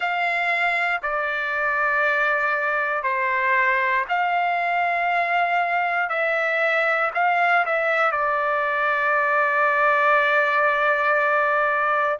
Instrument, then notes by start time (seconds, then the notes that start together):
trumpet
0.00 F5
1.02 D5
3.03 C5
4.08 F5
6.09 E5
7.14 F5
7.65 E5
8.11 D5